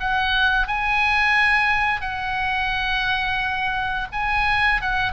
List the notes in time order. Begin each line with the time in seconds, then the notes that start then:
0.00 F#5
0.68 G#5
2.01 F#5
4.13 G#5
4.82 F#5